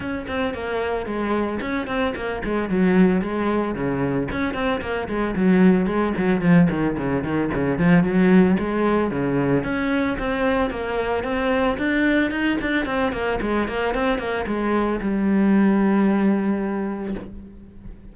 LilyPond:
\new Staff \with { instrumentName = "cello" } { \time 4/4 \tempo 4 = 112 cis'8 c'8 ais4 gis4 cis'8 c'8 | ais8 gis8 fis4 gis4 cis4 | cis'8 c'8 ais8 gis8 fis4 gis8 fis8 | f8 dis8 cis8 dis8 cis8 f8 fis4 |
gis4 cis4 cis'4 c'4 | ais4 c'4 d'4 dis'8 d'8 | c'8 ais8 gis8 ais8 c'8 ais8 gis4 | g1 | }